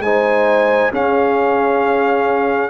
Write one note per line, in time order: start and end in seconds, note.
0.00 0.90 G#3
0.00 0.93 D#4
0.00 0.92 C5
0.00 0.91 G#5
0.92 2.70 C#4
0.92 2.70 G#4
0.92 2.70 F5